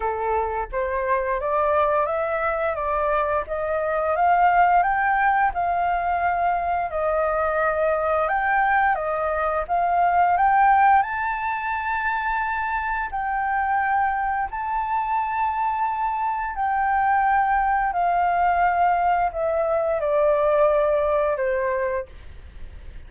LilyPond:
\new Staff \with { instrumentName = "flute" } { \time 4/4 \tempo 4 = 87 a'4 c''4 d''4 e''4 | d''4 dis''4 f''4 g''4 | f''2 dis''2 | g''4 dis''4 f''4 g''4 |
a''2. g''4~ | g''4 a''2. | g''2 f''2 | e''4 d''2 c''4 | }